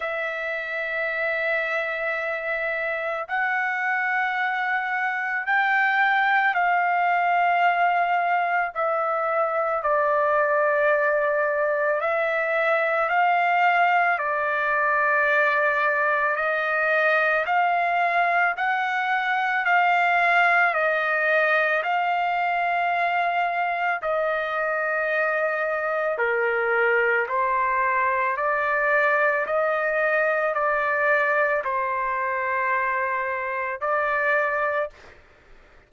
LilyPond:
\new Staff \with { instrumentName = "trumpet" } { \time 4/4 \tempo 4 = 55 e''2. fis''4~ | fis''4 g''4 f''2 | e''4 d''2 e''4 | f''4 d''2 dis''4 |
f''4 fis''4 f''4 dis''4 | f''2 dis''2 | ais'4 c''4 d''4 dis''4 | d''4 c''2 d''4 | }